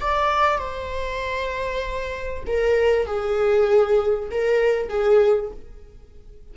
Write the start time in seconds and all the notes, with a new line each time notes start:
0.00 D5
0.58 C5
2.47 A#4
3.06 G#4
4.30 A#4
4.89 G#4